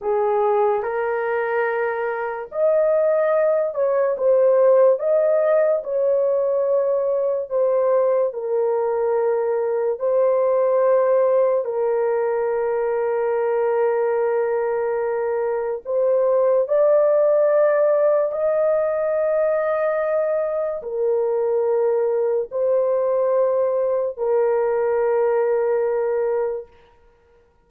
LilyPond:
\new Staff \with { instrumentName = "horn" } { \time 4/4 \tempo 4 = 72 gis'4 ais'2 dis''4~ | dis''8 cis''8 c''4 dis''4 cis''4~ | cis''4 c''4 ais'2 | c''2 ais'2~ |
ais'2. c''4 | d''2 dis''2~ | dis''4 ais'2 c''4~ | c''4 ais'2. | }